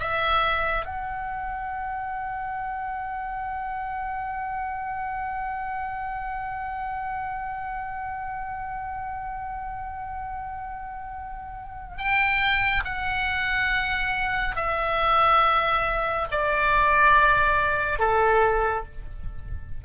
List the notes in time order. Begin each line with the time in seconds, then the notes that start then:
0.00 E5
0.85 F#5
11.98 G5
12.85 F#5
14.56 E5
16.31 D5
17.99 A4